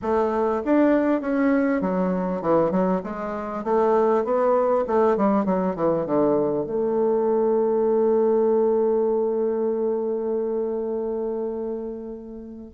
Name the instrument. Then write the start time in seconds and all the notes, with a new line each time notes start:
bassoon
0.02 A3
0.64 D4
1.21 C#4
1.81 F#3
2.41 E3
2.71 F#3
3.03 G#3
3.64 A3
4.24 B3
4.87 A3
5.16 G3
5.45 F#3
5.75 E3
6.06 D3
6.66 A3